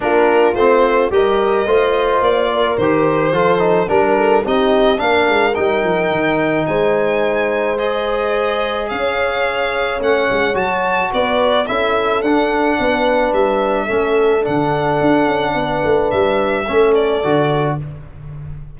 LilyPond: <<
  \new Staff \with { instrumentName = "violin" } { \time 4/4 \tempo 4 = 108 ais'4 c''4 dis''2 | d''4 c''2 ais'4 | dis''4 f''4 g''2 | gis''2 dis''2 |
f''2 fis''4 a''4 | d''4 e''4 fis''2 | e''2 fis''2~ | fis''4 e''4. d''4. | }
  \new Staff \with { instrumentName = "horn" } { \time 4/4 f'2 ais'4 c''4~ | c''8 ais'4. a'4 ais'8 a'8 | g'4 ais'2. | c''1 |
cis''1 | b'4 a'2 b'4~ | b'4 a'2. | b'2 a'2 | }
  \new Staff \with { instrumentName = "trombone" } { \time 4/4 d'4 c'4 g'4 f'4~ | f'4 g'4 f'8 dis'8 d'4 | dis'4 d'4 dis'2~ | dis'2 gis'2~ |
gis'2 cis'4 fis'4~ | fis'4 e'4 d'2~ | d'4 cis'4 d'2~ | d'2 cis'4 fis'4 | }
  \new Staff \with { instrumentName = "tuba" } { \time 4/4 ais4 a4 g4 a4 | ais4 dis4 f4 g4 | c'4 ais8 gis8 g8 f8 dis4 | gis1 |
cis'2 a8 gis8 fis4 | b4 cis'4 d'4 b4 | g4 a4 d4 d'8 cis'8 | b8 a8 g4 a4 d4 | }
>>